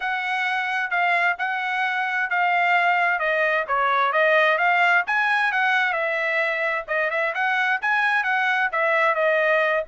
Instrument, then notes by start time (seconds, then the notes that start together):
trumpet
0.00 F#5
0.90 F5
1.38 F#5
2.30 F5
3.19 D#5
3.67 C#5
4.12 D#5
4.58 F5
5.07 G#5
5.52 F#5
5.92 E5
6.87 D#5
7.10 E5
7.34 F#5
7.81 G#5
8.23 F#5
8.72 E5
9.14 D#5